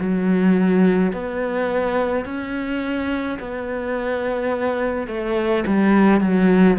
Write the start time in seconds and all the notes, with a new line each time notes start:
0.00 F#3
1.13 B3
2.25 C#4
3.40 B3
5.07 A3
5.67 G3
6.21 F#3